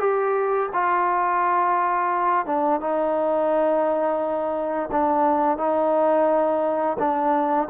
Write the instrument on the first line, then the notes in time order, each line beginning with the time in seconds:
trombone
0.00 G4
0.74 F4
2.46 D4
2.81 D#4
4.92 D4
5.58 D#4
6.99 D4